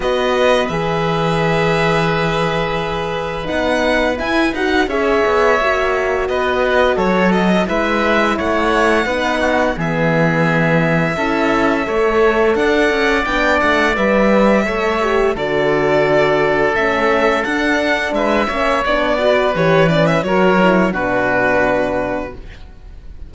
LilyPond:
<<
  \new Staff \with { instrumentName = "violin" } { \time 4/4 \tempo 4 = 86 dis''4 e''2.~ | e''4 fis''4 gis''8 fis''8 e''4~ | e''4 dis''4 cis''8 dis''8 e''4 | fis''2 e''2~ |
e''2 fis''4 g''8 fis''8 | e''2 d''2 | e''4 fis''4 e''4 d''4 | cis''8 d''16 e''16 cis''4 b'2 | }
  \new Staff \with { instrumentName = "oboe" } { \time 4/4 b'1~ | b'2. cis''4~ | cis''4 b'4 a'4 b'4 | cis''4 b'8 fis'8 gis'2 |
a'4 cis''4 d''2~ | d''4 cis''4 a'2~ | a'2 b'8 cis''4 b'8~ | b'4 ais'4 fis'2 | }
  \new Staff \with { instrumentName = "horn" } { \time 4/4 fis'4 gis'2.~ | gis'4 dis'4 e'8 fis'8 gis'4 | fis'2. e'4~ | e'4 dis'4 b2 |
e'4 a'2 d'4 | b'4 a'8 g'8 fis'2 | cis'4 d'4. cis'8 d'8 fis'8 | g'8 cis'8 fis'8 e'8 d'2 | }
  \new Staff \with { instrumentName = "cello" } { \time 4/4 b4 e2.~ | e4 b4 e'8 dis'8 cis'8 b8 | ais4 b4 fis4 gis4 | a4 b4 e2 |
cis'4 a4 d'8 cis'8 b8 a8 | g4 a4 d2 | a4 d'4 gis8 ais8 b4 | e4 fis4 b,2 | }
>>